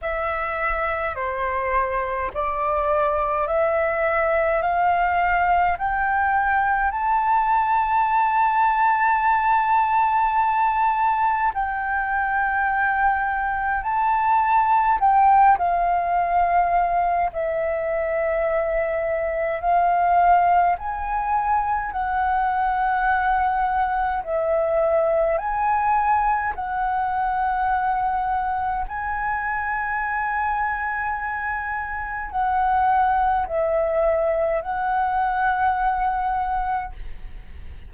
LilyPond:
\new Staff \with { instrumentName = "flute" } { \time 4/4 \tempo 4 = 52 e''4 c''4 d''4 e''4 | f''4 g''4 a''2~ | a''2 g''2 | a''4 g''8 f''4. e''4~ |
e''4 f''4 gis''4 fis''4~ | fis''4 e''4 gis''4 fis''4~ | fis''4 gis''2. | fis''4 e''4 fis''2 | }